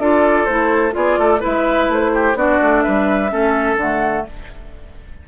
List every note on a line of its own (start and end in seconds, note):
0.00 0.47 D4
0.00 0.49 F4
0.00 0.95 A4
0.00 0.46 D5
0.46 0.95 A3
0.46 0.92 E4
0.46 0.93 C5
0.92 1.18 B3
0.92 1.39 F4
0.92 1.20 G#4
0.92 1.43 D5
1.18 1.42 A3
1.18 1.41 A4
1.41 1.89 G#3
1.41 2.35 E4
1.41 2.12 B4
1.41 1.93 E5
1.89 2.35 A3
1.89 2.38 C5
2.15 2.38 G4
2.35 2.59 B3
2.35 3.30 D4
2.35 2.84 F#4
2.35 2.83 D5
2.62 2.86 A3
2.83 3.32 G3
2.83 3.31 B4
2.83 3.77 E5
3.30 3.77 A3
3.30 3.77 C#4
3.30 4.27 A4
3.77 4.24 D3
3.77 4.29 A3
3.77 4.27 F#5